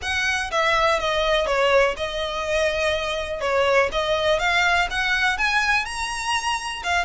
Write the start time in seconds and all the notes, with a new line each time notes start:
0.02 F#5
0.51 E5
0.99 D#5
1.46 C#5
1.96 D#5
3.40 C#5
3.92 D#5
4.39 F5
4.90 F#5
5.37 G#5
5.85 A#5
6.83 F5